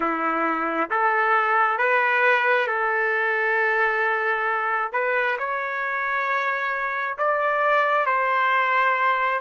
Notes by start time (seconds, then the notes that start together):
0.00 E4
0.90 A4
1.77 B4
2.67 A4
4.92 B4
5.38 C#5
7.18 D5
8.06 C5